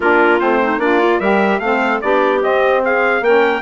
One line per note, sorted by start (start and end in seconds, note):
0.00 0.40 A#3
0.00 0.39 D4
0.00 0.60 F4
0.00 0.40 A#4
0.39 0.77 A3
0.39 0.79 C4
0.39 0.79 C5
0.61 0.79 D#4
0.77 1.18 A#3
0.77 0.99 D4
0.77 1.21 F4
0.77 1.20 D5
0.99 1.19 F4
1.19 1.59 G3
1.19 1.61 G4
1.19 1.60 A#4
1.19 1.59 E5
1.59 2.00 A3
1.59 2.02 C4
1.59 2.03 A4
1.59 1.99 F5
2.01 2.43 B3
2.01 2.40 D4
2.01 2.83 G4
2.01 2.41 D5
2.40 3.21 C4
2.40 2.83 D#5
2.83 3.23 G#4
2.83 3.23 F5
3.21 3.61 A#3
3.21 3.61 C#4
3.21 3.61 A#4
3.21 3.61 G5